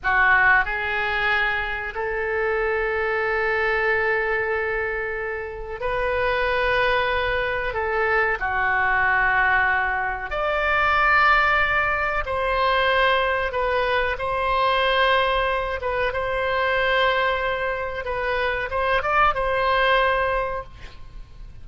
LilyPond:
\new Staff \with { instrumentName = "oboe" } { \time 4/4 \tempo 4 = 93 fis'4 gis'2 a'4~ | a'1~ | a'4 b'2. | a'4 fis'2. |
d''2. c''4~ | c''4 b'4 c''2~ | c''8 b'8 c''2. | b'4 c''8 d''8 c''2 | }